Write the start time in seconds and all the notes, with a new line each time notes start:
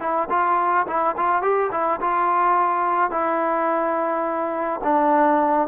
0.00 E4
0.30 F4
0.87 E4
1.17 F4
1.42 G4
1.72 E4
2.01 F4
3.11 E4
4.83 D4